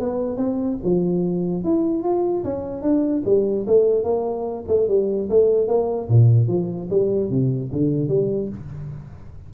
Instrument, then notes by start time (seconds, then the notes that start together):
tuba
0.00 B3
0.37 C4
0.84 F3
1.64 E4
2.03 F4
2.44 C#4
2.82 D4
3.26 G3
3.67 A3
4.04 A#3
4.68 A3
4.88 G3
5.30 A3
5.68 A#3
6.09 A#2
6.48 F3
6.90 G3
7.30 C3
7.72 D3
8.09 G3